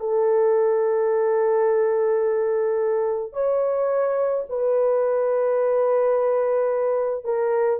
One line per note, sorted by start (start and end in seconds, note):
0.00 3.33 A4
3.33 4.44 C#5
4.49 7.24 B4
7.24 7.80 A#4